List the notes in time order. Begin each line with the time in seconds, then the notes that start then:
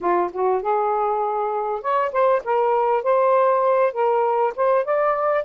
0.01 F4
0.32 F#4
0.62 G#4
1.81 C#5
2.12 C5
2.44 A#4
3.03 C5
3.93 A#4
4.56 C5
4.85 D5